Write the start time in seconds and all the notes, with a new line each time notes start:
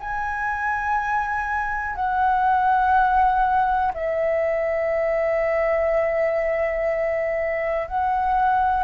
0.00 G#5
1.95 F#5
3.94 E5
7.87 F#5